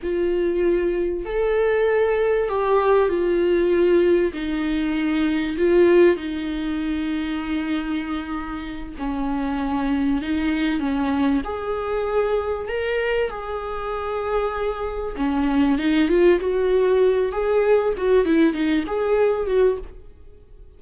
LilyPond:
\new Staff \with { instrumentName = "viola" } { \time 4/4 \tempo 4 = 97 f'2 a'2 | g'4 f'2 dis'4~ | dis'4 f'4 dis'2~ | dis'2~ dis'8 cis'4.~ |
cis'8 dis'4 cis'4 gis'4.~ | gis'8 ais'4 gis'2~ gis'8~ | gis'8 cis'4 dis'8 f'8 fis'4. | gis'4 fis'8 e'8 dis'8 gis'4 fis'8 | }